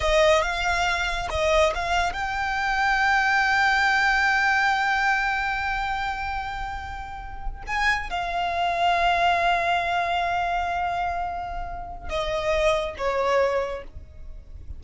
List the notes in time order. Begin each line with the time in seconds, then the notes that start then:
0.00 D#5
0.41 F5
1.30 D#5
1.74 F5
2.12 G5
7.67 G#5
8.10 F5
12.09 D#5
12.97 C#5